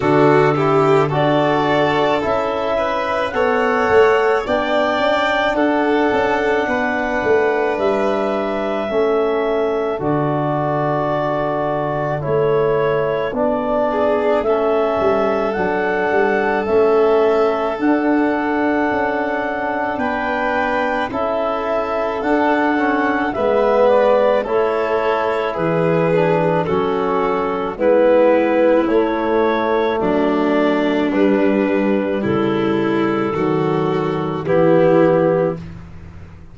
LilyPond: <<
  \new Staff \with { instrumentName = "clarinet" } { \time 4/4 \tempo 4 = 54 a'4 d''4 e''4 fis''4 | g''4 fis''2 e''4~ | e''4 d''2 cis''4 | d''4 e''4 fis''4 e''4 |
fis''2 g''4 e''4 | fis''4 e''8 d''8 cis''4 b'4 | a'4 b'4 cis''4 d''4 | b'4 a'2 g'4 | }
  \new Staff \with { instrumentName = "violin" } { \time 4/4 fis'8 g'8 a'4. b'8 cis''4 | d''4 a'4 b'2 | a'1~ | a'8 gis'8 a'2.~ |
a'2 b'4 a'4~ | a'4 b'4 a'4 gis'4 | fis'4 e'2 d'4~ | d'4 e'4 fis'4 e'4 | }
  \new Staff \with { instrumentName = "trombone" } { \time 4/4 d'8 e'8 fis'4 e'4 a'4 | d'1 | cis'4 fis'2 e'4 | d'4 cis'4 d'4 cis'4 |
d'2. e'4 | d'8 cis'8 b4 e'4. d'8 | cis'4 b4 a2 | g2 fis4 b4 | }
  \new Staff \with { instrumentName = "tuba" } { \time 4/4 d4 d'4 cis'4 b8 a8 | b8 cis'8 d'8 cis'8 b8 a8 g4 | a4 d2 a4 | b4 a8 g8 fis8 g8 a4 |
d'4 cis'4 b4 cis'4 | d'4 gis4 a4 e4 | fis4 gis4 a4 fis4 | g4 cis4 dis4 e4 | }
>>